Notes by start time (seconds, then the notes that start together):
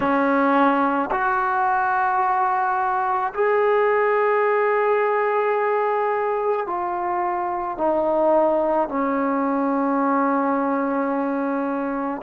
0.00 C#4
1.11 F#4
3.34 G#4
6.66 F4
7.77 D#4
8.88 C#4